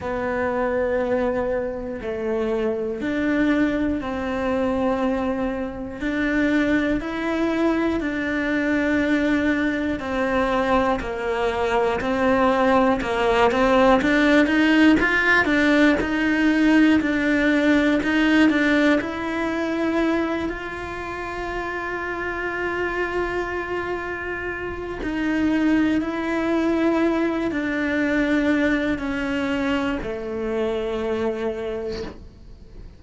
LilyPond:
\new Staff \with { instrumentName = "cello" } { \time 4/4 \tempo 4 = 60 b2 a4 d'4 | c'2 d'4 e'4 | d'2 c'4 ais4 | c'4 ais8 c'8 d'8 dis'8 f'8 d'8 |
dis'4 d'4 dis'8 d'8 e'4~ | e'8 f'2.~ f'8~ | f'4 dis'4 e'4. d'8~ | d'4 cis'4 a2 | }